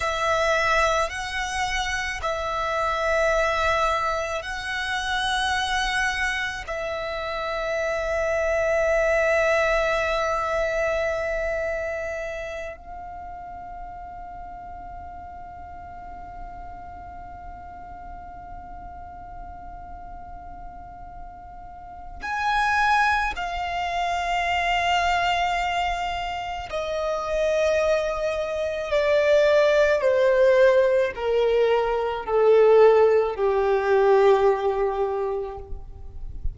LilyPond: \new Staff \with { instrumentName = "violin" } { \time 4/4 \tempo 4 = 54 e''4 fis''4 e''2 | fis''2 e''2~ | e''2.~ e''8 f''8~ | f''1~ |
f''1 | gis''4 f''2. | dis''2 d''4 c''4 | ais'4 a'4 g'2 | }